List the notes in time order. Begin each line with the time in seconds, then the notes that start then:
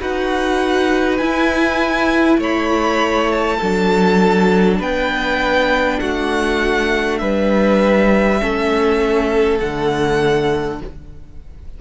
0.00 D#4 F#4 B4 F#5
1.18 E4 G#5
2.38 A3 C#5 B5
3.31 A5
3.58 F#3 D4 A4
4.79 B3 B4 G5
6.00 A3 F#4 F#5
7.18 G3 B4 E5
8.39 A3 C#4 A4
9.60 D3 A3 F#5